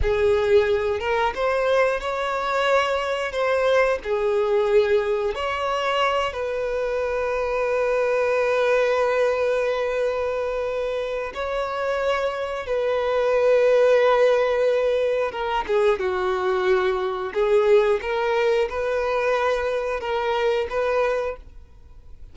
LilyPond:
\new Staff \with { instrumentName = "violin" } { \time 4/4 \tempo 4 = 90 gis'4. ais'8 c''4 cis''4~ | cis''4 c''4 gis'2 | cis''4. b'2~ b'8~ | b'1~ |
b'4 cis''2 b'4~ | b'2. ais'8 gis'8 | fis'2 gis'4 ais'4 | b'2 ais'4 b'4 | }